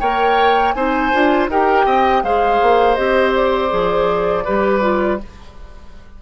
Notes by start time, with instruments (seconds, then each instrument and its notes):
0.00 bassoon A#3, clarinet A#4, oboe C#5, flute G5
0.73 bassoon C4, clarinet D#4, oboe C5, flute G#5
1.13 bassoon D4, clarinet F4
1.48 bassoon D#4, clarinet G4, oboe A#4, flute G5
1.85 bassoon C4, oboe D#5
2.23 bassoon G#3, clarinet G#4, oboe C5, flute F5
2.62 bassoon A#3
2.95 bassoon C4, clarinet G4, flute D#5
3.35 flute D5
3.69 bassoon F3, clarinet G#4
4.45 bassoon G3, clarinet G4, oboe B4
4.81 clarinet F4